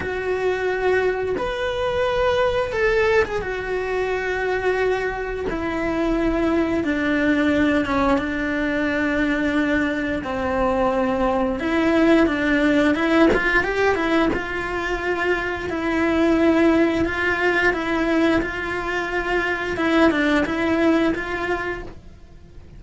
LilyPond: \new Staff \with { instrumentName = "cello" } { \time 4/4 \tempo 4 = 88 fis'2 b'2 | a'8. gis'16 fis'2. | e'2 d'4. cis'8 | d'2. c'4~ |
c'4 e'4 d'4 e'8 f'8 | g'8 e'8 f'2 e'4~ | e'4 f'4 e'4 f'4~ | f'4 e'8 d'8 e'4 f'4 | }